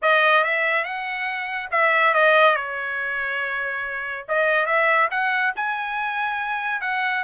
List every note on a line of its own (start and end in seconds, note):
0.02 0.44 D#5
0.44 0.84 E5
0.84 1.69 F#5
1.71 2.14 E5
2.14 2.56 D#5
2.56 4.26 C#5
4.28 4.65 D#5
4.65 5.08 E5
5.10 5.53 F#5
5.56 6.81 G#5
6.81 7.23 F#5